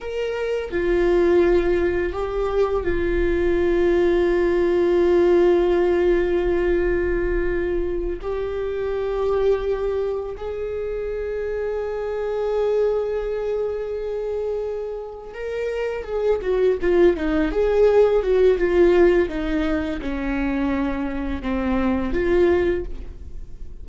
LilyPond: \new Staff \with { instrumentName = "viola" } { \time 4/4 \tempo 4 = 84 ais'4 f'2 g'4 | f'1~ | f'2.~ f'8 g'8~ | g'2~ g'8 gis'4.~ |
gis'1~ | gis'4. ais'4 gis'8 fis'8 f'8 | dis'8 gis'4 fis'8 f'4 dis'4 | cis'2 c'4 f'4 | }